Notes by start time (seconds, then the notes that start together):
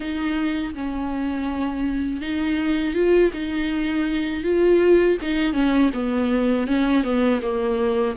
0.00 D#4
0.74 C#4
2.21 D#4
2.94 F4
3.33 D#4
4.43 F4
5.21 D#4
5.53 C#4
5.93 B3
6.67 C#4
7.03 B3
7.41 A#3